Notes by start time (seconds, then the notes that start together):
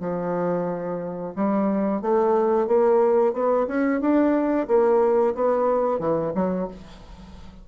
0.00 F3
1.35 G3
2.02 A3
2.67 A#3
3.33 B3
3.67 C#4
4.01 D4
4.68 A#3
5.35 B3
5.99 E3
6.35 F#3